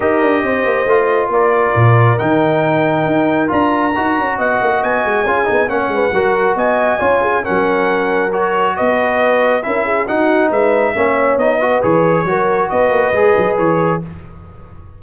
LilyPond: <<
  \new Staff \with { instrumentName = "trumpet" } { \time 4/4 \tempo 4 = 137 dis''2. d''4~ | d''4 g''2. | ais''2 fis''4 gis''4~ | gis''4 fis''2 gis''4~ |
gis''4 fis''2 cis''4 | dis''2 e''4 fis''4 | e''2 dis''4 cis''4~ | cis''4 dis''2 cis''4 | }
  \new Staff \with { instrumentName = "horn" } { \time 4/4 ais'4 c''2 ais'4~ | ais'1~ | ais'2 dis''2 | gis'4 cis''8 b'8 ais'4 dis''4 |
cis''8 gis'8 ais'2. | b'2 ais'8 gis'8 fis'4 | b'4 cis''4. b'4. | ais'4 b'2. | }
  \new Staff \with { instrumentName = "trombone" } { \time 4/4 g'2 f'2~ | f'4 dis'2. | f'4 fis'2. | f'8 dis'8 cis'4 fis'2 |
f'4 cis'2 fis'4~ | fis'2 e'4 dis'4~ | dis'4 cis'4 dis'8 fis'8 gis'4 | fis'2 gis'2 | }
  \new Staff \with { instrumentName = "tuba" } { \time 4/4 dis'8 d'8 c'8 ais8 a4 ais4 | ais,4 dis2 dis'4 | d'4 dis'8 cis'8 b8 ais8 b8 gis8 | cis'8 b8 ais8 gis8 fis4 b4 |
cis'4 fis2. | b2 cis'4 dis'4 | gis4 ais4 b4 e4 | fis4 b8 ais8 gis8 fis8 e4 | }
>>